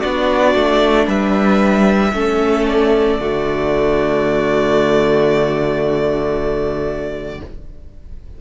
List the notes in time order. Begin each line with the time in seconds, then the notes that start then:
0.00 B3 D4 F#4 D5
0.54 A3
1.06 G3 B4 E5
2.13 A3 C#4 A4
2.67 D5
3.19 D3 A3 F#4